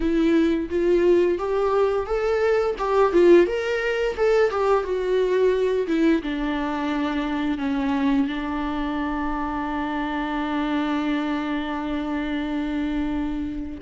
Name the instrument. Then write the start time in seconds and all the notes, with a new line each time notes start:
viola
0.00 E4
0.69 F4
1.38 G4
2.06 A4
2.78 G4
3.12 F4
3.46 A#4
4.16 A4
4.50 G4
4.83 F#4
5.87 E4
6.22 D4
7.58 C#4
8.27 D4